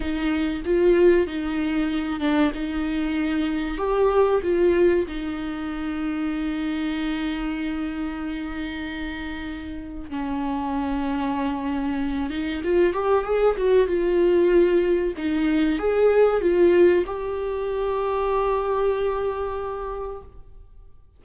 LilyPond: \new Staff \with { instrumentName = "viola" } { \time 4/4 \tempo 4 = 95 dis'4 f'4 dis'4. d'8 | dis'2 g'4 f'4 | dis'1~ | dis'1 |
cis'2.~ cis'8 dis'8 | f'8 g'8 gis'8 fis'8 f'2 | dis'4 gis'4 f'4 g'4~ | g'1 | }